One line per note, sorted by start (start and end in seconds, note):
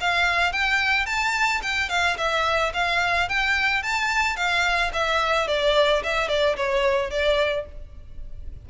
0.00 0.52 F5
0.52 1.06 G5
1.06 1.61 A5
1.62 1.89 G5
1.89 2.16 F5
2.17 2.72 E5
2.73 3.29 F5
3.29 3.82 G5
3.82 4.36 A5
4.36 4.91 F5
4.93 5.47 E5
5.47 6.03 D5
6.03 6.28 E5
6.28 6.56 D5
6.56 7.10 C#5
7.10 7.65 D5